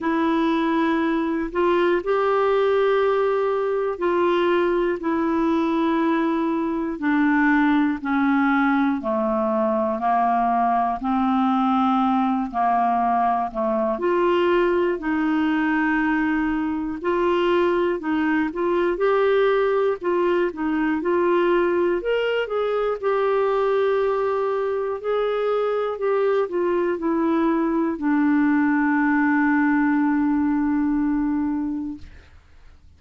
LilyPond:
\new Staff \with { instrumentName = "clarinet" } { \time 4/4 \tempo 4 = 60 e'4. f'8 g'2 | f'4 e'2 d'4 | cis'4 a4 ais4 c'4~ | c'8 ais4 a8 f'4 dis'4~ |
dis'4 f'4 dis'8 f'8 g'4 | f'8 dis'8 f'4 ais'8 gis'8 g'4~ | g'4 gis'4 g'8 f'8 e'4 | d'1 | }